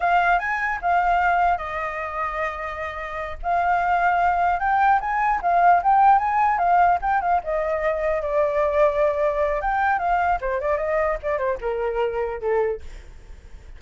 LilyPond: \new Staff \with { instrumentName = "flute" } { \time 4/4 \tempo 4 = 150 f''4 gis''4 f''2 | dis''1~ | dis''8 f''2. g''8~ | g''8 gis''4 f''4 g''4 gis''8~ |
gis''8 f''4 g''8 f''8 dis''4.~ | dis''8 d''2.~ d''8 | g''4 f''4 c''8 d''8 dis''4 | d''8 c''8 ais'2 a'4 | }